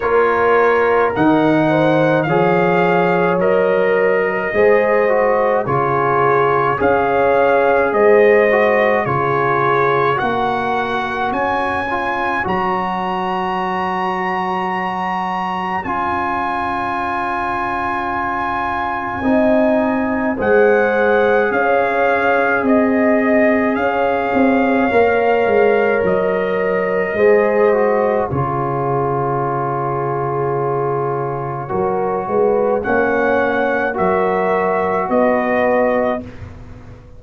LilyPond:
<<
  \new Staff \with { instrumentName = "trumpet" } { \time 4/4 \tempo 4 = 53 cis''4 fis''4 f''4 dis''4~ | dis''4 cis''4 f''4 dis''4 | cis''4 fis''4 gis''4 ais''4~ | ais''2 gis''2~ |
gis''2 fis''4 f''4 | dis''4 f''2 dis''4~ | dis''4 cis''2.~ | cis''4 fis''4 e''4 dis''4 | }
  \new Staff \with { instrumentName = "horn" } { \time 4/4 ais'4. c''8 cis''4.~ cis''16 ais'16 | c''4 gis'4 cis''4 c''4 | gis'4 ais'4 cis''2~ | cis''1~ |
cis''4 dis''4 c''4 cis''4 | dis''4 cis''2. | c''4 gis'2. | ais'8 b'8 cis''4 ais'4 b'4 | }
  \new Staff \with { instrumentName = "trombone" } { \time 4/4 f'4 dis'4 gis'4 ais'4 | gis'8 fis'8 f'4 gis'4. fis'8 | f'4 fis'4. f'8 fis'4~ | fis'2 f'2~ |
f'4 dis'4 gis'2~ | gis'2 ais'2 | gis'8 fis'8 f'2. | fis'4 cis'4 fis'2 | }
  \new Staff \with { instrumentName = "tuba" } { \time 4/4 ais4 dis4 f4 fis4 | gis4 cis4 cis'4 gis4 | cis4 ais4 cis'4 fis4~ | fis2 cis'2~ |
cis'4 c'4 gis4 cis'4 | c'4 cis'8 c'8 ais8 gis8 fis4 | gis4 cis2. | fis8 gis8 ais4 fis4 b4 | }
>>